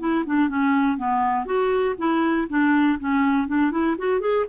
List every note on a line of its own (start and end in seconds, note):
0.00 0.25 E4
0.26 0.49 D4
0.49 0.98 C#4
0.98 1.46 B3
1.46 1.95 F#4
1.98 2.48 E4
2.50 2.99 D4
3.00 3.48 C#4
3.48 3.71 D4
3.71 3.96 E4
3.98 4.21 F#4
4.21 4.45 G#4